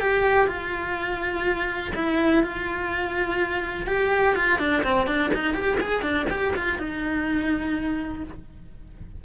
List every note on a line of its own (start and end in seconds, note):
0.00 0.47 G4
0.47 1.92 F4
1.95 2.43 E4
2.43 3.87 F4
3.87 4.35 G4
4.35 4.59 F4
4.59 4.83 D4
4.83 5.07 C4
5.07 5.31 D4
5.34 5.54 D#4
5.54 5.78 G4
5.80 6.02 G#4
6.02 6.26 D4
6.30 6.54 G4
6.56 6.79 F4
6.79 8.24 D#4